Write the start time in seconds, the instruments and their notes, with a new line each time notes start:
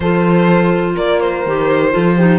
0.00 cello F3, clarinet F4, horn A4, violin C5
0.95 cello A#3, horn A#4, violin D5
1.20 violin C5
1.46 cello D#3, clarinet G4
1.91 cello F3, clarinet F4, horn A4
2.17 clarinet D#4, horn G4